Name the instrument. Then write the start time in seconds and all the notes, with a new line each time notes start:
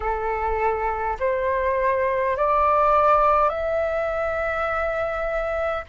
flute
0.00 A4
1.19 C5
2.36 D5
3.49 E5